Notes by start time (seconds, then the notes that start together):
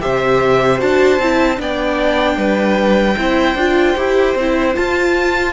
0.00 C3 G4 C5 E5
0.78 D4 F#4 A5
1.19 C4 E4
1.57 B3 D4 D5 G5
2.36 G3 B4
3.17 C4 E4 C5
3.55 D4 F4
3.97 E4 G4
4.35 C4 E4
4.74 F4 A5